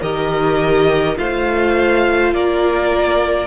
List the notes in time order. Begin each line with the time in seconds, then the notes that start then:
0.00 D#3 G4 A#4 D#5
1.16 A3 F4 C5 F5
2.33 A#3 A#4 D5